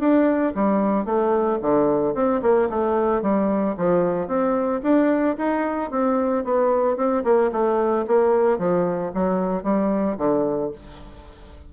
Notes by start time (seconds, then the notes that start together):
0.00 D4
0.55 G3
1.05 A3
1.62 D3
2.15 C4
2.42 A#3
2.70 A3
3.22 G3
3.77 F3
4.28 C4
4.83 D4
5.38 D#4
5.91 C4
6.44 B3
6.97 C4
7.24 A#3
7.52 A3
8.07 A#3
8.59 F3
9.14 F#3
9.63 G3
10.18 D3